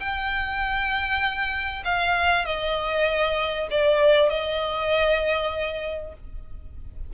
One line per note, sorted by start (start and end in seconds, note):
0.00 1.84 G5
1.85 2.45 F5
2.45 3.68 D#5
3.71 4.30 D5
4.30 6.13 D#5